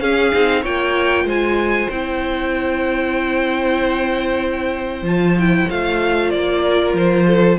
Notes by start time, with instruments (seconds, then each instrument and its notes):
0.00 cello C#4, viola C#4, violin G#4 F5
0.32 cello C4, viola D#4
0.62 cello A#3, viola F4, violin C#5 G5
1.24 cello G#3, violin C5 G#5
1.89 cello C4, viola E4, violin G5
5.02 cello F3, viola F4, violin A5
5.39 viola E4, violin G5
5.70 cello A3, viola F4, violin F5
6.30 cello A#3, violin D5
6.63 violin A#4
6.94 cello F3, violin C5
7.27 violin A4